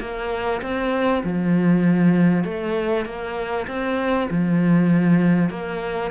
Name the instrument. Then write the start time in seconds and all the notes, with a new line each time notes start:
cello
0.00 A#3
0.62 C4
1.24 F3
2.44 A3
3.06 A#3
3.68 C4
4.30 F3
5.50 A#3